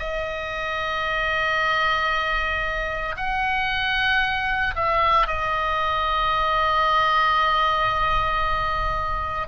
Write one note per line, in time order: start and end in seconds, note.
0.00 3.16 D#5
3.17 4.75 F#5
4.76 5.27 E5
5.27 9.48 D#5